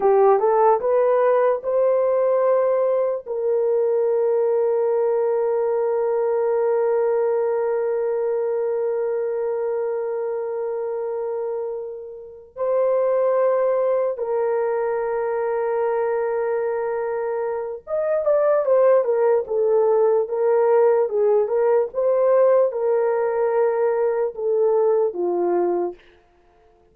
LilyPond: \new Staff \with { instrumentName = "horn" } { \time 4/4 \tempo 4 = 74 g'8 a'8 b'4 c''2 | ais'1~ | ais'1~ | ais'2.~ ais'8 c''8~ |
c''4. ais'2~ ais'8~ | ais'2 dis''8 d''8 c''8 ais'8 | a'4 ais'4 gis'8 ais'8 c''4 | ais'2 a'4 f'4 | }